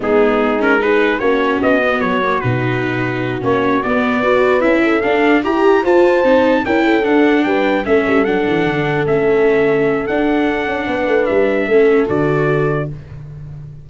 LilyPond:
<<
  \new Staff \with { instrumentName = "trumpet" } { \time 4/4 \tempo 4 = 149 gis'4. ais'8 b'4 cis''4 | dis''4 cis''4 b'2~ | b'8 cis''4 d''2 e''8~ | e''8 f''4 ais''4 a''4.~ |
a''8 g''4 fis''4 g''4 e''8~ | e''8 fis''2 e''4.~ | e''4 fis''2. | e''2 d''2 | }
  \new Staff \with { instrumentName = "horn" } { \time 4/4 dis'2 gis'4 fis'4~ | fis'1~ | fis'2~ fis'8 b'4. | a'4. g'4 c''4.~ |
c''8 ais'8 a'4. b'4 a'8~ | a'1~ | a'2. b'4~ | b'4 a'2. | }
  \new Staff \with { instrumentName = "viola" } { \time 4/4 b4. cis'8 dis'4 cis'4~ | cis'8 b4 ais8 dis'2~ | dis'8 cis'4 b4 fis'4 e'8~ | e'8 d'4 g'4 f'4 dis'8~ |
dis'8 e'4 d'2 cis'8~ | cis'8 d'2 cis'4.~ | cis'4 d'2.~ | d'4 cis'4 fis'2 | }
  \new Staff \with { instrumentName = "tuba" } { \time 4/4 gis2. ais4 | b4 fis4 b,2~ | b,8 ais4 b2 cis'8~ | cis'8 d'4 e'4 f'4 c'8~ |
c'8 cis'4 d'4 g4 a8 | g8 fis8 e8 d4 a4.~ | a4 d'4. cis'8 b8 a8 | g4 a4 d2 | }
>>